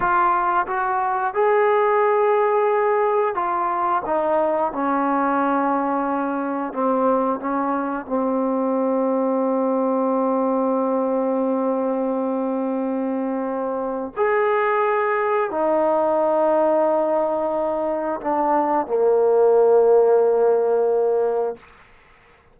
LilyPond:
\new Staff \with { instrumentName = "trombone" } { \time 4/4 \tempo 4 = 89 f'4 fis'4 gis'2~ | gis'4 f'4 dis'4 cis'4~ | cis'2 c'4 cis'4 | c'1~ |
c'1~ | c'4 gis'2 dis'4~ | dis'2. d'4 | ais1 | }